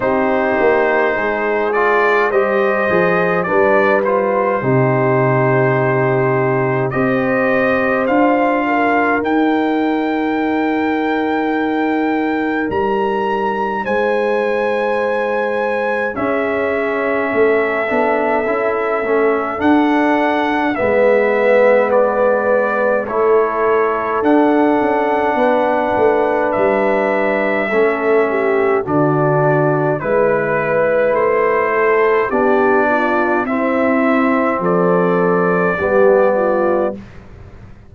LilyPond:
<<
  \new Staff \with { instrumentName = "trumpet" } { \time 4/4 \tempo 4 = 52 c''4. d''8 dis''4 d''8 c''8~ | c''2 dis''4 f''4 | g''2. ais''4 | gis''2 e''2~ |
e''4 fis''4 e''4 d''4 | cis''4 fis''2 e''4~ | e''4 d''4 b'4 c''4 | d''4 e''4 d''2 | }
  \new Staff \with { instrumentName = "horn" } { \time 4/4 g'4 gis'4 c''4 b'4 | g'2 c''4. ais'8~ | ais'1 | c''2 gis'4 a'4~ |
a'2 b'2 | a'2 b'2 | a'8 g'8 fis'4 b'4. a'8 | g'8 f'8 e'4 a'4 g'8 f'8 | }
  \new Staff \with { instrumentName = "trombone" } { \time 4/4 dis'4. f'8 g'8 gis'8 d'8 f'8 | dis'2 g'4 f'4 | dis'1~ | dis'2 cis'4. d'8 |
e'8 cis'8 d'4 b2 | e'4 d'2. | cis'4 d'4 e'2 | d'4 c'2 b4 | }
  \new Staff \with { instrumentName = "tuba" } { \time 4/4 c'8 ais8 gis4 g8 f8 g4 | c2 c'4 d'4 | dis'2. g4 | gis2 cis'4 a8 b8 |
cis'8 a8 d'4 gis2 | a4 d'8 cis'8 b8 a8 g4 | a4 d4 gis4 a4 | b4 c'4 f4 g4 | }
>>